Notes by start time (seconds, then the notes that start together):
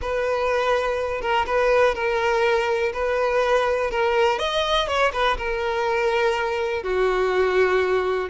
0.01 B4
1.21 A#4
1.46 B4
1.94 A#4
2.93 B4
3.90 A#4
4.39 D#5
4.87 C#5
5.12 B4
5.37 A#4
6.83 F#4